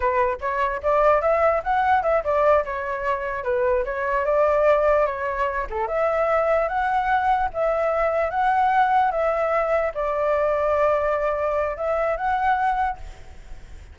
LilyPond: \new Staff \with { instrumentName = "flute" } { \time 4/4 \tempo 4 = 148 b'4 cis''4 d''4 e''4 | fis''4 e''8 d''4 cis''4.~ | cis''8 b'4 cis''4 d''4.~ | d''8 cis''4. a'8 e''4.~ |
e''8 fis''2 e''4.~ | e''8 fis''2 e''4.~ | e''8 d''2.~ d''8~ | d''4 e''4 fis''2 | }